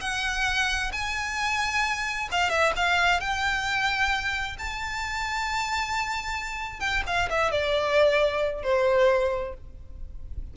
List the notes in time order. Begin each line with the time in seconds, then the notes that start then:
0.00 F#5
0.92 G#5
2.31 F5
2.49 E5
2.76 F5
3.20 G5
4.58 A5
6.80 G5
7.06 F5
7.30 E5
7.51 D5
8.63 C5